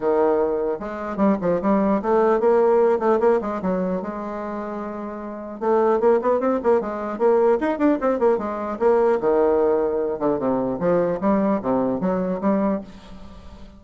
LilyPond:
\new Staff \with { instrumentName = "bassoon" } { \time 4/4 \tempo 4 = 150 dis2 gis4 g8 f8 | g4 a4 ais4. a8 | ais8 gis8 fis4 gis2~ | gis2 a4 ais8 b8 |
c'8 ais8 gis4 ais4 dis'8 d'8 | c'8 ais8 gis4 ais4 dis4~ | dis4. d8 c4 f4 | g4 c4 fis4 g4 | }